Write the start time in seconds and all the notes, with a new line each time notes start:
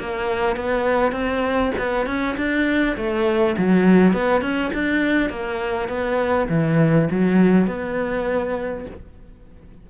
0.00 A#3
0.56 B3
1.12 C4
1.78 B3
2.06 C#4
2.37 D4
2.96 A3
3.58 F#3
4.13 B3
4.41 C#4
4.74 D4
5.30 A#3
5.88 B3
6.49 E3
7.11 F#3
7.67 B3